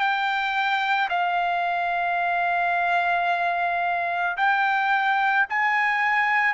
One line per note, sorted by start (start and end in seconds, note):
0.00 1.09 G5
1.10 4.37 F5
4.37 5.46 G5
5.49 6.55 G#5